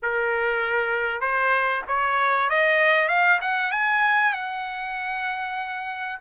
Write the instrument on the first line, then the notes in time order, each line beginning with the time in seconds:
trumpet
0.02 A#4
1.20 C5
1.87 C#5
2.49 D#5
3.08 F5
3.41 F#5
3.71 G#5
4.33 F#5